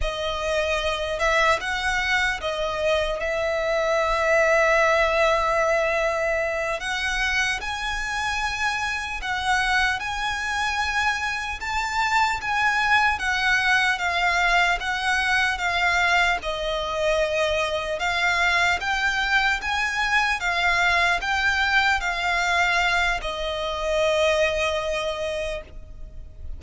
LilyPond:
\new Staff \with { instrumentName = "violin" } { \time 4/4 \tempo 4 = 75 dis''4. e''8 fis''4 dis''4 | e''1~ | e''8 fis''4 gis''2 fis''8~ | fis''8 gis''2 a''4 gis''8~ |
gis''8 fis''4 f''4 fis''4 f''8~ | f''8 dis''2 f''4 g''8~ | g''8 gis''4 f''4 g''4 f''8~ | f''4 dis''2. | }